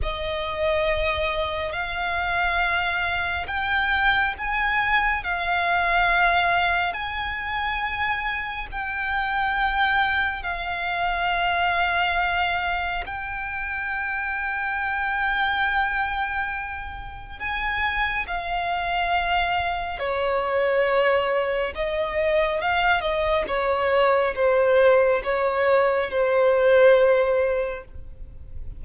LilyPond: \new Staff \with { instrumentName = "violin" } { \time 4/4 \tempo 4 = 69 dis''2 f''2 | g''4 gis''4 f''2 | gis''2 g''2 | f''2. g''4~ |
g''1 | gis''4 f''2 cis''4~ | cis''4 dis''4 f''8 dis''8 cis''4 | c''4 cis''4 c''2 | }